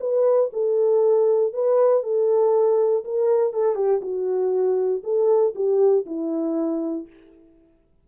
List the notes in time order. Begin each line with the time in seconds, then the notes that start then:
0.00 B4
0.53 A4
1.53 B4
2.03 A4
3.04 A#4
3.53 A4
3.75 G4
4.02 F#4
5.04 A4
5.55 G4
6.06 E4